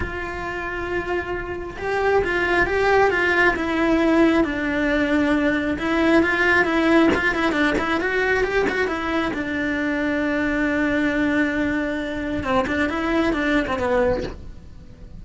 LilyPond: \new Staff \with { instrumentName = "cello" } { \time 4/4 \tempo 4 = 135 f'1 | g'4 f'4 g'4 f'4 | e'2 d'2~ | d'4 e'4 f'4 e'4 |
f'8 e'8 d'8 e'8 fis'4 g'8 fis'8 | e'4 d'2.~ | d'1 | c'8 d'8 e'4 d'8. c'16 b4 | }